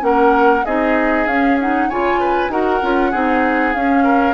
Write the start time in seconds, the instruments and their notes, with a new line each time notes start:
0.00 bassoon A#3, clarinet C#4, oboe A#4, flute F#5
0.65 bassoon C4, clarinet D#4, oboe G#4, flute D#5
1.27 bassoon C#4, clarinet C#4, flute F5
1.60 clarinet D#4, flute F#5
1.90 bassoon C#3, clarinet F4, oboe C#5, flute G#5
2.20 oboe B4
2.49 bassoon D#4, clarinet F#4, oboe A#4, flute F#5
2.82 bassoon C#4, clarinet F4
3.11 bassoon C4, clarinet D#4, oboe G#4
3.74 bassoon C#4, clarinet C#4, flute F5
4.04 oboe A#4